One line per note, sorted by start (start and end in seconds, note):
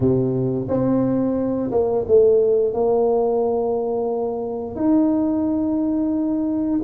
0.00 0.67 C3
0.68 1.70 C4
1.71 2.05 A#3
2.07 2.73 A3
2.73 4.75 A#3
4.75 6.80 D#4